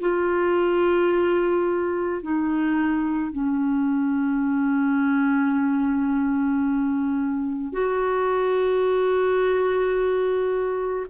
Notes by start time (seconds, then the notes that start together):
0.00 F4
2.22 D#4
3.32 C#4
7.73 F#4